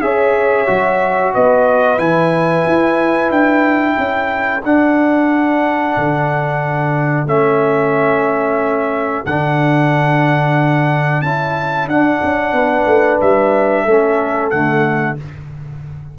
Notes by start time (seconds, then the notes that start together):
0.00 C#4 G#4 C#5 E5
0.66 F#3 F#4
1.33 B3 B4 D#5
1.97 E3 E4 G#5
2.66 E4
3.30 D4 G5
3.94 C#4 A4
4.63 D4 F#5
5.96 D3
7.26 A3 C#4 E5
9.25 D3 D4 F#5
11.21 C#4 E4 A5
11.87 D4 F#5
12.23 C#4
12.52 B3 B4
12.86 A3
13.20 G3 E5
13.84 A3 C#4 A4
14.50 D3 A3 F#5